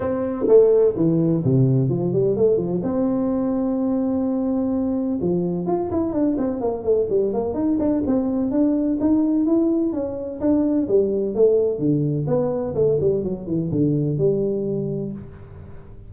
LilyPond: \new Staff \with { instrumentName = "tuba" } { \time 4/4 \tempo 4 = 127 c'4 a4 e4 c4 | f8 g8 a8 f8 c'2~ | c'2. f4 | f'8 e'8 d'8 c'8 ais8 a8 g8 ais8 |
dis'8 d'8 c'4 d'4 dis'4 | e'4 cis'4 d'4 g4 | a4 d4 b4 a8 g8 | fis8 e8 d4 g2 | }